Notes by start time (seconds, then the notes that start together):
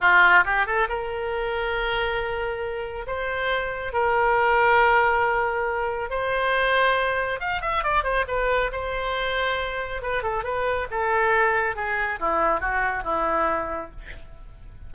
0.00 F4
0.45 G4
0.66 A4
0.88 A#4
3.07 C5
3.92 A#4
6.09 C5
7.40 F5
7.61 E5
7.83 D5
8.03 C5
8.27 B4
8.72 C5
10.01 B4
10.22 A4
10.43 B4
10.90 A4
11.75 G#4
12.19 E4
12.60 F#4
13.03 E4